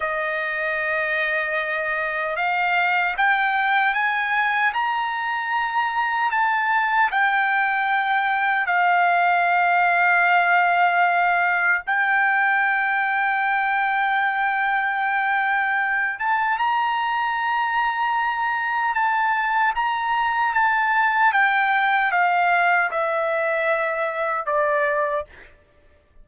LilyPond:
\new Staff \with { instrumentName = "trumpet" } { \time 4/4 \tempo 4 = 76 dis''2. f''4 | g''4 gis''4 ais''2 | a''4 g''2 f''4~ | f''2. g''4~ |
g''1~ | g''8 a''8 ais''2. | a''4 ais''4 a''4 g''4 | f''4 e''2 d''4 | }